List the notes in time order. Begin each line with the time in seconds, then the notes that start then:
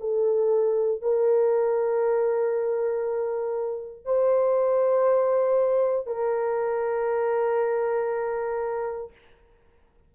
0.00 A4
1.02 A#4
4.05 C5
6.06 A#4